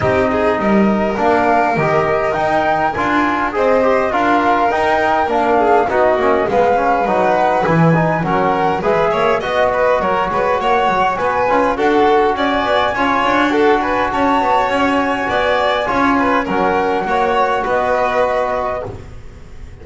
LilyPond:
<<
  \new Staff \with { instrumentName = "flute" } { \time 4/4 \tempo 4 = 102 dis''2 f''4 dis''4 | g''4 gis''4 dis''4 f''4 | g''4 f''4 dis''4 f''4 | fis''4 gis''4 fis''4 e''4 |
dis''4 cis''4 fis''4 gis''4 | fis''4 gis''2 fis''8 gis''8 | a''4 gis''2. | fis''2 dis''2 | }
  \new Staff \with { instrumentName = "violin" } { \time 4/4 g'8 gis'8 ais'2.~ | ais'2 c''4 ais'4~ | ais'4. gis'8 fis'4 b'4~ | b'2 ais'4 b'8 cis''8 |
dis''8 b'8 ais'8 b'8 cis''4 b'4 | a'4 d''4 cis''4 a'8 b'8 | cis''2 d''4 cis''8 b'8 | ais'4 cis''4 b'2 | }
  \new Staff \with { instrumentName = "trombone" } { \time 4/4 dis'2 d'4 g'4 | dis'4 f'4 gis'8 g'8 f'4 | dis'4 d'4 dis'8 cis'8 b8 cis'8 | dis'4 e'8 dis'8 cis'4 gis'4 |
fis'2.~ fis'8 f'8 | fis'2 f'4 fis'4~ | fis'2. f'4 | cis'4 fis'2. | }
  \new Staff \with { instrumentName = "double bass" } { \time 4/4 c'4 g4 ais4 dis4 | dis'4 d'4 c'4 d'4 | dis'4 ais4 b8 ais8 gis4 | fis4 e4 fis4 gis8 ais8 |
b4 fis8 gis8 ais8 fis8 b8 cis'8 | d'4 cis'8 b8 cis'8 d'4. | cis'8 b8 cis'4 b4 cis'4 | fis4 ais4 b2 | }
>>